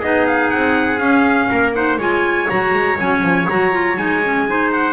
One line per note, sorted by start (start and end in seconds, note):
0.00 0.53 B3
0.00 1.00 D#4
0.00 1.49 G#4
0.00 0.27 D#5
0.27 0.50 F5
0.50 1.00 C4
0.50 0.99 F#5
0.99 1.74 C#4
0.99 1.49 C#4
0.99 1.73 F5
1.50 1.98 A#3
1.50 1.74 A#4
1.74 1.99 D#4
1.74 1.99 C5
1.74 1.99 F#5
1.98 2.48 G#3
1.98 2.48 F4
1.98 4.46 C#5
1.98 2.50 G#5
2.48 2.74 F#3
2.48 2.98 F#4
2.48 2.99 A#5
2.74 2.99 G#3
2.99 3.22 F#3
2.99 3.48 C#4
2.99 3.50 G#5
3.22 3.47 F3
3.49 3.97 F#3
3.49 3.72 F#4
3.49 3.98 A#5
3.72 3.96 F4
3.96 4.93 G#3
3.96 4.21 D#4
3.96 4.72 G#5
4.25 4.49 C#4
4.49 4.93 D#4
4.49 4.93 C5
4.73 4.93 F#5